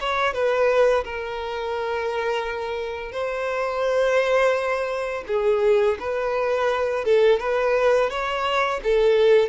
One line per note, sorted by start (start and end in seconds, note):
0.00 0.33 C#5
0.33 1.04 B4
1.04 3.12 A#4
3.12 5.24 C5
5.27 5.98 G#4
5.99 7.05 B4
7.05 7.39 A4
7.39 8.10 B4
8.10 8.80 C#5
8.84 9.49 A4